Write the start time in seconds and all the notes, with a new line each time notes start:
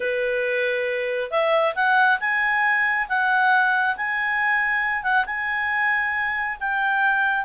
0.00 B4
1.30 E5
1.75 F#5
2.19 G#5
3.09 F#5
3.96 G#5
5.03 F#5
5.26 G#5
6.60 G5